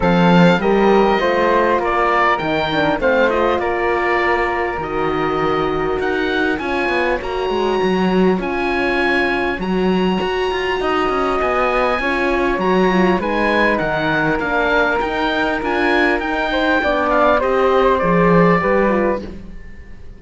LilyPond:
<<
  \new Staff \with { instrumentName = "oboe" } { \time 4/4 \tempo 4 = 100 f''4 dis''2 d''4 | g''4 f''8 dis''8 d''2 | dis''2 fis''4 gis''4 | ais''2 gis''2 |
ais''2. gis''4~ | gis''4 ais''4 gis''4 fis''4 | f''4 g''4 gis''4 g''4~ | g''8 f''8 dis''4 d''2 | }
  \new Staff \with { instrumentName = "flute" } { \time 4/4 a'4 ais'4 c''4 ais'4~ | ais'4 c''4 ais'2~ | ais'2. cis''4~ | cis''1~ |
cis''2 dis''2 | cis''2 b'4 ais'4~ | ais'2.~ ais'8 c''8 | d''4 c''2 b'4 | }
  \new Staff \with { instrumentName = "horn" } { \time 4/4 c'4 g'4 f'2 | dis'8 d'8 c'8 f'2~ f'8 | fis'2. f'4 | fis'2 f'2 |
fis'1 | f'4 fis'8 f'8 dis'2 | d'4 dis'4 f'4 dis'4 | d'4 g'4 gis'4 g'8 f'8 | }
  \new Staff \with { instrumentName = "cello" } { \time 4/4 f4 g4 a4 ais4 | dis4 a4 ais2 | dis2 dis'4 cis'8 b8 | ais8 gis8 fis4 cis'2 |
fis4 fis'8 f'8 dis'8 cis'8 b4 | cis'4 fis4 gis4 dis4 | ais4 dis'4 d'4 dis'4 | b4 c'4 f4 g4 | }
>>